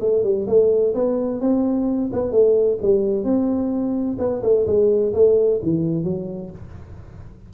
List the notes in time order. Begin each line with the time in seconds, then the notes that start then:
0.00 A3
0.23 G3
0.47 A3
0.94 B3
1.41 C4
2.12 B3
2.31 A3
2.81 G3
3.24 C4
4.18 B3
4.42 A3
4.66 G#3
5.13 A3
5.62 E3
6.04 F#3